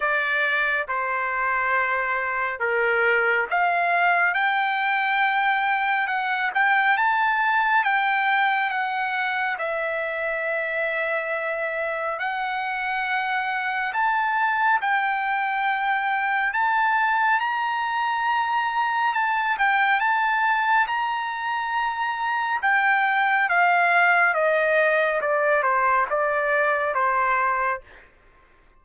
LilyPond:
\new Staff \with { instrumentName = "trumpet" } { \time 4/4 \tempo 4 = 69 d''4 c''2 ais'4 | f''4 g''2 fis''8 g''8 | a''4 g''4 fis''4 e''4~ | e''2 fis''2 |
a''4 g''2 a''4 | ais''2 a''8 g''8 a''4 | ais''2 g''4 f''4 | dis''4 d''8 c''8 d''4 c''4 | }